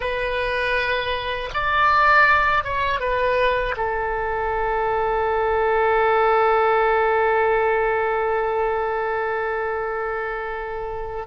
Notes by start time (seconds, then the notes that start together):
0.00 B4
1.53 D5
2.64 C#5
3.00 B4
3.76 A4